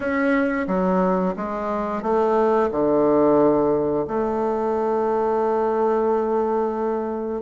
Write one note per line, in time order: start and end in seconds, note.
0.00 0.66 C#4
0.67 1.34 F#3
1.36 2.02 G#3
2.02 2.69 A3
2.71 4.05 D3
4.07 7.41 A3